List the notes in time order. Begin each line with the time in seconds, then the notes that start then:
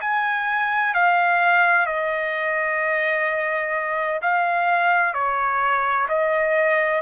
0.00 G#5
0.94 F5
1.86 D#5
4.21 F5
5.13 C#5
6.08 D#5